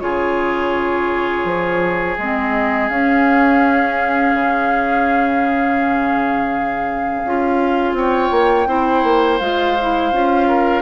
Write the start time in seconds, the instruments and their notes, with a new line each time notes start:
0.00 bassoon C#3, clarinet F4, oboe G#4, flute C#5
1.45 bassoon F3
2.18 bassoon G#3, clarinet C4, flute D#5
2.89 bassoon C#4, clarinet C#4, flute F5
4.34 bassoon C#3
7.24 bassoon C#4, clarinet F4
7.93 bassoon C4, oboe C#5, flute G5
8.31 bassoon A#3
8.67 bassoon C4, clarinet E4, oboe C5
9.04 bassoon A#3
9.39 bassoon G#3, clarinet F4, flute F5
9.81 clarinet E4
10.12 bassoon C#4, clarinet F4
10.48 oboe A#4